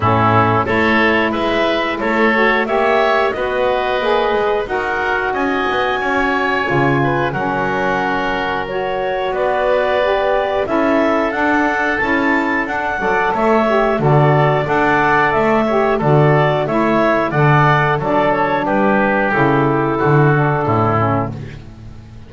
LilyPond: <<
  \new Staff \with { instrumentName = "clarinet" } { \time 4/4 \tempo 4 = 90 a'4 cis''4 e''4 cis''4 | e''4 dis''2 fis''4 | gis''2. fis''4~ | fis''4 cis''4 d''2 |
e''4 fis''4 a''4 fis''4 | e''4 d''4 fis''4 e''4 | d''4 e''4 fis''4 d''8 cis''8 | b'4 a'2. | }
  \new Staff \with { instrumentName = "oboe" } { \time 4/4 e'4 a'4 b'4 a'4 | cis''4 b'2 ais'4 | dis''4 cis''4. b'8 ais'4~ | ais'2 b'2 |
a'2.~ a'8 d''8 | cis''4 a'4 d''4. cis''8 | a'4 cis''4 d''4 a'4 | g'2 fis'4 e'4 | }
  \new Staff \with { instrumentName = "saxophone" } { \time 4/4 cis'4 e'2~ e'8 fis'8 | g'4 fis'4 gis'4 fis'4~ | fis'2 f'4 cis'4~ | cis'4 fis'2 g'4 |
e'4 d'4 e'4 d'8 a'8~ | a'8 g'8 fis'4 a'4. g'8 | fis'4 e'4 a'4 d'4~ | d'4 e'4. d'4 cis'8 | }
  \new Staff \with { instrumentName = "double bass" } { \time 4/4 a,4 a4 gis4 a4 | ais4 b4 ais8 gis8 dis'4 | cis'8 b8 cis'4 cis4 fis4~ | fis2 b2 |
cis'4 d'4 cis'4 d'8 fis8 | a4 d4 d'4 a4 | d4 a4 d4 fis4 | g4 cis4 d4 a,4 | }
>>